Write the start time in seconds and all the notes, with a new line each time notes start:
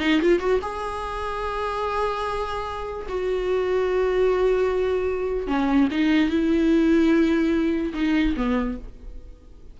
0.00 D#4
0.22 F4
0.40 F#4
0.62 G#4
3.09 F#4
5.47 C#4
5.92 D#4
6.30 E4
7.94 D#4
8.37 B3